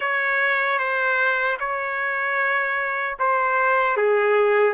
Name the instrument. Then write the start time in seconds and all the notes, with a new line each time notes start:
trumpet
0.00 C#5
0.78 C5
1.59 C#5
3.19 C5
3.97 G#4